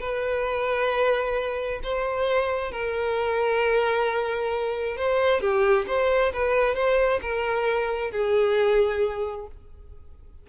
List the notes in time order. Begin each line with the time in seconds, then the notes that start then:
0.00 B4
1.83 C5
2.72 A#4
4.97 C5
5.41 G4
5.87 C5
6.33 B4
6.75 C5
7.21 A#4
8.11 G#4